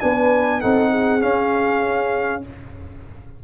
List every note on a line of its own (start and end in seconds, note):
0.00 0.63 B3
0.00 0.61 D4
0.00 0.61 B4
0.00 0.61 G#5
0.61 1.22 C4
0.61 1.20 D#4
0.61 0.90 A4
0.61 1.21 F#5
0.90 2.42 G#4
1.20 2.42 C#4
1.20 2.44 C#4
1.20 2.43 F5